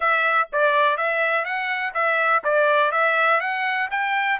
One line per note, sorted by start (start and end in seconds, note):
0.00 0.48 E5
0.52 0.97 D5
0.97 1.44 E5
1.44 1.93 F#5
1.94 2.42 E5
2.44 2.91 D5
2.91 3.40 E5
3.40 3.89 F#5
3.90 4.39 G5